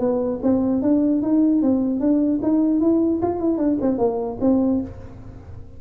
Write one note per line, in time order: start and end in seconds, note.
0.00 0.40 B3
0.43 0.82 C4
0.82 1.22 D4
1.23 1.62 D#4
1.62 2.01 C4
2.01 2.41 D4
2.43 2.81 D#4
2.81 3.21 E4
3.23 3.40 F4
3.40 3.58 E4
3.58 3.78 D4
3.82 3.98 C4
3.98 4.38 A#3
4.41 4.81 C4